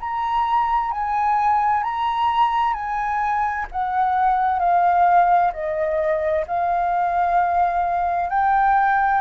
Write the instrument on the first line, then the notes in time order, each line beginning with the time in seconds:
flute
0.00 A#5
0.91 G#5
1.83 A#5
2.74 G#5
3.72 F#5
4.59 F5
5.53 D#5
6.47 F5
8.30 G5